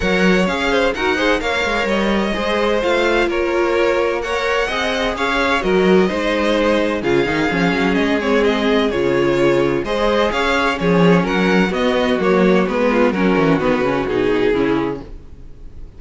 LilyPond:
<<
  \new Staff \with { instrumentName = "violin" } { \time 4/4 \tempo 4 = 128 fis''4 f''4 fis''4 f''4 | dis''2 f''4 cis''4~ | cis''4 fis''2 f''4 | dis''2. f''4~ |
f''4 dis''8 cis''8 dis''4 cis''4~ | cis''4 dis''4 f''4 cis''4 | fis''4 dis''4 cis''4 b'4 | ais'4 b'4 gis'2 | }
  \new Staff \with { instrumentName = "violin" } { \time 4/4 cis''4. c''8 ais'8 c''8 cis''4~ | cis''4 c''2 ais'4~ | ais'4 cis''4 dis''4 cis''4 | ais'4 c''2 gis'4~ |
gis'1~ | gis'4 c''4 cis''4 gis'4 | ais'4 fis'2~ fis'8 f'8 | fis'2. e'4 | }
  \new Staff \with { instrumentName = "viola" } { \time 4/4 ais'4 gis'4 fis'8 gis'8 ais'4~ | ais'4 gis'4 f'2~ | f'4 ais'4 gis'2 | fis'4 dis'2 f'8 dis'8 |
cis'4. c'4. f'4~ | f'4 gis'2 cis'4~ | cis'4 b4 ais4 b4 | cis'4 b8 cis'8 dis'4 cis'4 | }
  \new Staff \with { instrumentName = "cello" } { \time 4/4 fis4 cis'4 dis'4 ais8 gis8 | g4 gis4 a4 ais4~ | ais2 c'4 cis'4 | fis4 gis2 cis8 dis8 |
f8 fis8 gis2 cis4~ | cis4 gis4 cis'4 f4 | fis4 b4 fis4 gis4 | fis8 e8 dis8 cis8 b,4 cis4 | }
>>